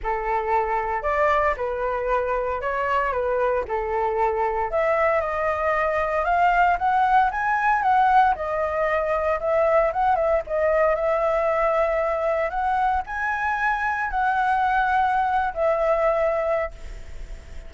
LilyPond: \new Staff \with { instrumentName = "flute" } { \time 4/4 \tempo 4 = 115 a'2 d''4 b'4~ | b'4 cis''4 b'4 a'4~ | a'4 e''4 dis''2 | f''4 fis''4 gis''4 fis''4 |
dis''2 e''4 fis''8 e''8 | dis''4 e''2. | fis''4 gis''2 fis''4~ | fis''4.~ fis''16 e''2~ e''16 | }